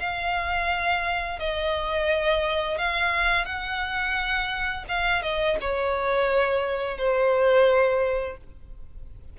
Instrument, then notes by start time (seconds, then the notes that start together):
violin
0.00 F5
1.40 D#5
2.78 F5
3.46 F#5
4.89 F5
5.23 D#5
5.61 C#5
6.98 C5